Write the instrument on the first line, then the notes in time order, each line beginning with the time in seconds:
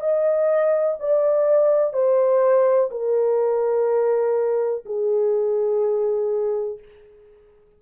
horn
0.00 D#5
0.99 D5
1.93 C5
2.90 A#4
4.85 G#4